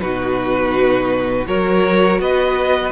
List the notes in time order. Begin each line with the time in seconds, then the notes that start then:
0.00 B2 D#4 F#4 B4
1.46 F#3 F#4 A#4 C#5
2.19 B3 B4 D#5